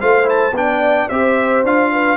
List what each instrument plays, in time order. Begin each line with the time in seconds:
0.00 tuba A3, trombone F4, horn C5, trumpet F5
0.24 trombone E4, trumpet A5
0.53 tuba B3, trombone D4, horn D5, trumpet G5
1.09 tuba C4, trombone G4, horn C5, trumpet E5
1.64 tuba D4, trombone F4, trumpet F5
1.92 horn B4